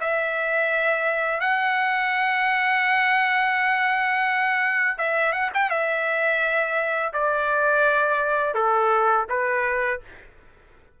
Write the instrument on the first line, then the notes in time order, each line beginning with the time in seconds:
trumpet
0.00 E5
1.40 F#5
4.98 E5
5.32 F#5
5.54 G5
5.70 E5
7.13 D5
8.54 A4
9.29 B4